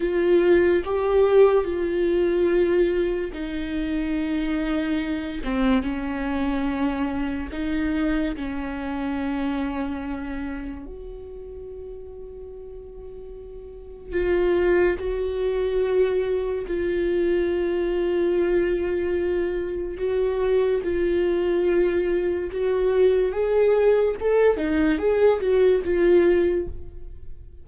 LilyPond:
\new Staff \with { instrumentName = "viola" } { \time 4/4 \tempo 4 = 72 f'4 g'4 f'2 | dis'2~ dis'8 c'8 cis'4~ | cis'4 dis'4 cis'2~ | cis'4 fis'2.~ |
fis'4 f'4 fis'2 | f'1 | fis'4 f'2 fis'4 | gis'4 a'8 dis'8 gis'8 fis'8 f'4 | }